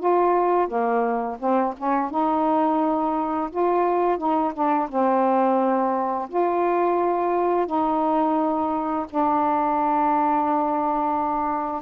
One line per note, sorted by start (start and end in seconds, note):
0.00 0.68 F4
0.68 1.38 A#3
1.40 1.75 C4
1.78 2.11 C#4
2.11 3.51 D#4
3.51 4.19 F4
4.19 4.53 D#4
4.54 4.89 D4
4.90 6.29 C4
6.30 7.67 F4
7.67 9.07 D#4
9.10 11.82 D4